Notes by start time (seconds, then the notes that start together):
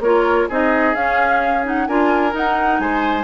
0.00 A#3 F4 A#4 C#5
0.49 C4 D#4 G#4 D#5
0.95 C#4 F5
1.64 D#4 F#5
1.87 D4 F4 A#4 G#5
2.31 D#4 F#5
2.80 G#3 C5 G#5